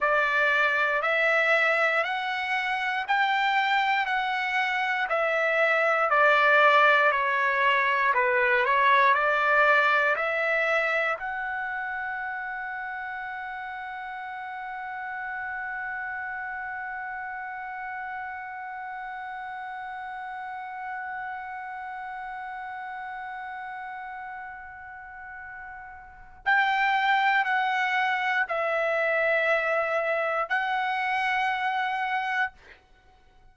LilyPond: \new Staff \with { instrumentName = "trumpet" } { \time 4/4 \tempo 4 = 59 d''4 e''4 fis''4 g''4 | fis''4 e''4 d''4 cis''4 | b'8 cis''8 d''4 e''4 fis''4~ | fis''1~ |
fis''1~ | fis''1~ | fis''2 g''4 fis''4 | e''2 fis''2 | }